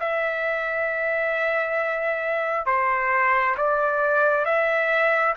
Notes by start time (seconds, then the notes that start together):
0.00 E5
2.66 C5
3.57 D5
4.45 E5